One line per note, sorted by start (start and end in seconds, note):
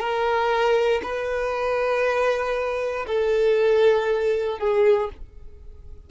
0.00 1.02 A#4
1.03 3.06 B4
3.07 4.59 A4
4.59 5.10 G#4